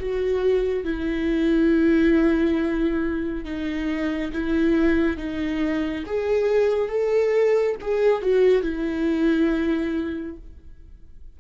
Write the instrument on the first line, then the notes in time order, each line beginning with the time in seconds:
viola
0.00 F#4
0.85 E4
3.45 D#4
4.33 E4
5.17 D#4
6.07 G#4
6.89 A4
7.81 G#4
8.22 F#4
8.63 E4